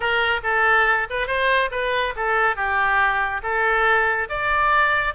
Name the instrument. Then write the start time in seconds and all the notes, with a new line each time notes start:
oboe
0.00 A#4
0.43 A4
1.10 B4
1.27 C5
1.71 B4
2.16 A4
2.56 G4
3.42 A4
4.29 D5